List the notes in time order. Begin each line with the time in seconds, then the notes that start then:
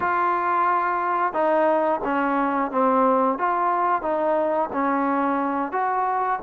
0.00 F4
1.33 D#4
2.04 C#4
2.71 C4
3.38 F4
4.02 D#4
4.72 C#4
5.72 F#4